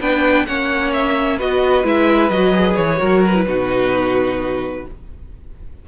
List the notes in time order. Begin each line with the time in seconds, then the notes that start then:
0.00 B3 D4 B4 G5
0.46 A#3 C#4 C#5 F#5
0.93 E5
1.37 B3 F#4 B4 D#5
1.84 G#3 E4 E5
2.30 F#3 F#4 D#5
2.53 G#4
2.76 E3 C#5
2.97 F#3 F#4 A#4
3.26 B4
3.35 E4
3.46 B2 D#4 F#4